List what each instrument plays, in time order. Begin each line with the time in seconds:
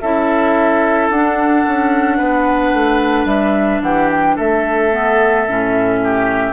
0.00 bassoon C#4, clarinet E4, oboe A4, flute E5
1.10 bassoon D4, clarinet D4, flute F#5
1.67 bassoon C#4
2.17 bassoon B3, oboe B4
2.73 bassoon A3
3.25 bassoon G3, flute E5
3.81 bassoon E3, oboe G4, flute F#5
4.10 flute G5
4.36 bassoon A3, oboe A4, flute E5
4.91 clarinet B3
5.47 bassoon A2, clarinet C#4
6.03 oboe G4